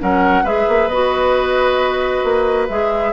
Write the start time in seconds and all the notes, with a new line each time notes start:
0.00 F#3 C#4 A#4 F#5
0.44 G#3 G#4 B4 E5
0.69 A#3
0.88 B3 F#4 D#5
2.24 A#3
2.69 G#3 G#4 E5